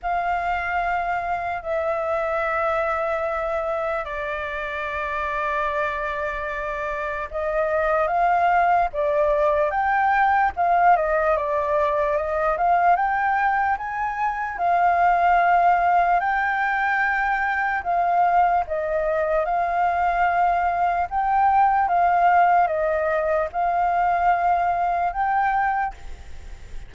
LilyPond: \new Staff \with { instrumentName = "flute" } { \time 4/4 \tempo 4 = 74 f''2 e''2~ | e''4 d''2.~ | d''4 dis''4 f''4 d''4 | g''4 f''8 dis''8 d''4 dis''8 f''8 |
g''4 gis''4 f''2 | g''2 f''4 dis''4 | f''2 g''4 f''4 | dis''4 f''2 g''4 | }